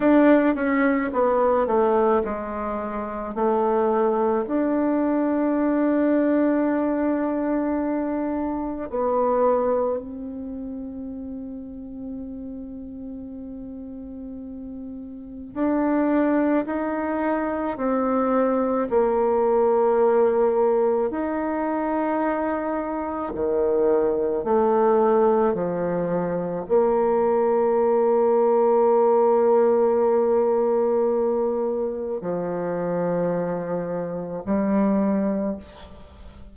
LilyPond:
\new Staff \with { instrumentName = "bassoon" } { \time 4/4 \tempo 4 = 54 d'8 cis'8 b8 a8 gis4 a4 | d'1 | b4 c'2.~ | c'2 d'4 dis'4 |
c'4 ais2 dis'4~ | dis'4 dis4 a4 f4 | ais1~ | ais4 f2 g4 | }